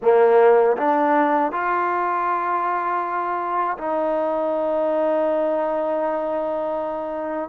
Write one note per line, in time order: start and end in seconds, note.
0.01 0.76 A#3
0.77 1.52 D4
1.52 3.77 F4
3.77 7.49 D#4